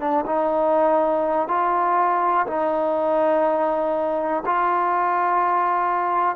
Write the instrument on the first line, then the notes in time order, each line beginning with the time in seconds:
trombone
0.00 D4
0.25 D#4
1.48 F4
2.46 D#4
4.45 F4